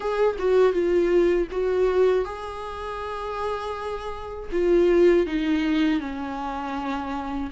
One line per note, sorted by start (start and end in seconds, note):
0.00 0.36 G#4
0.39 0.72 F#4
0.72 1.47 F4
1.51 2.24 F#4
2.24 4.49 G#4
4.52 5.26 F4
5.26 6.00 D#4
6.00 7.50 C#4